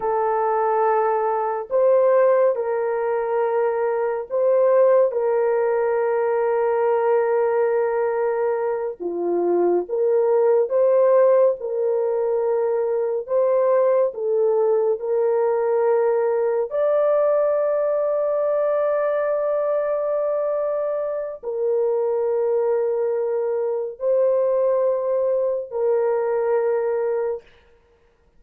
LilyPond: \new Staff \with { instrumentName = "horn" } { \time 4/4 \tempo 4 = 70 a'2 c''4 ais'4~ | ais'4 c''4 ais'2~ | ais'2~ ais'8 f'4 ais'8~ | ais'8 c''4 ais'2 c''8~ |
c''8 a'4 ais'2 d''8~ | d''1~ | d''4 ais'2. | c''2 ais'2 | }